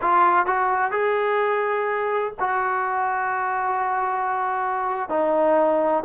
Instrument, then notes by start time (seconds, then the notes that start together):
trombone
0.01 F4
0.46 F#4
0.91 G#4
2.39 F#4
5.09 D#4